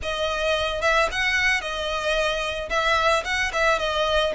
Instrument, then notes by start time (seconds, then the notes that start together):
violin
0.02 D#5
0.81 E5
1.11 F#5
1.61 D#5
2.69 E5
3.24 F#5
3.52 E5
3.78 D#5